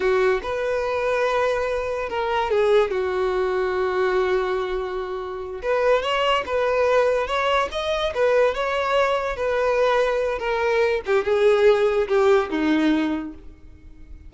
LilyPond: \new Staff \with { instrumentName = "violin" } { \time 4/4 \tempo 4 = 144 fis'4 b'2.~ | b'4 ais'4 gis'4 fis'4~ | fis'1~ | fis'4. b'4 cis''4 b'8~ |
b'4. cis''4 dis''4 b'8~ | b'8 cis''2 b'4.~ | b'4 ais'4. g'8 gis'4~ | gis'4 g'4 dis'2 | }